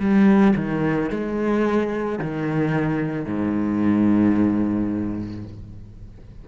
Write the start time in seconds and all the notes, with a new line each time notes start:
0.00 G3
0.56 D#3
1.10 G#3
2.19 D#3
3.26 G#2